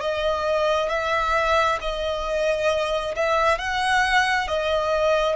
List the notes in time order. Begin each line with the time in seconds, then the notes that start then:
0.00 D#5
0.88 E5
1.80 D#5
3.15 E5
3.58 F#5
4.47 D#5